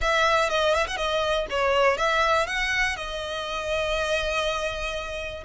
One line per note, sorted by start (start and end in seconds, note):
0.01 0.49 E5
0.49 0.74 D#5
0.74 0.87 E5
0.87 0.97 F#5
0.97 1.46 D#5
1.50 1.97 C#5
1.97 2.46 E5
2.46 2.96 F#5
2.96 5.44 D#5